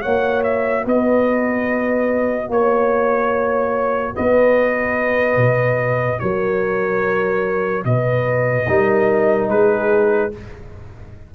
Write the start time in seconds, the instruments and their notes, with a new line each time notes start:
0.00 tuba A#3, trombone F#4, horn C#5, trumpet F#5
0.43 trumpet E5
0.84 tuba B3, horn B4, trumpet D#5
2.49 tuba A#3, trumpet C#5, horn C#5
4.14 tuba B3, horn B4, trumpet D#5
5.36 tuba B2
6.19 tuba F#3, horn A#4, trumpet C#5
7.84 tuba B2, horn B4, trumpet D#5
8.67 tuba G3, trombone D#4, horn A#4
9.48 tuba G#3, horn G#4, trumpet B4